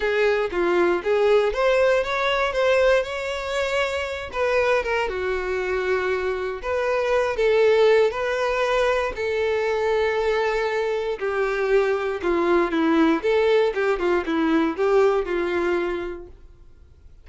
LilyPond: \new Staff \with { instrumentName = "violin" } { \time 4/4 \tempo 4 = 118 gis'4 f'4 gis'4 c''4 | cis''4 c''4 cis''2~ | cis''8 b'4 ais'8 fis'2~ | fis'4 b'4. a'4. |
b'2 a'2~ | a'2 g'2 | f'4 e'4 a'4 g'8 f'8 | e'4 g'4 f'2 | }